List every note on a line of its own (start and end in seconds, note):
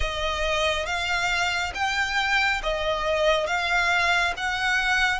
0.00 0.85 D#5
0.85 1.72 F5
1.74 2.61 G5
2.62 3.46 D#5
3.46 4.33 F5
4.37 5.20 F#5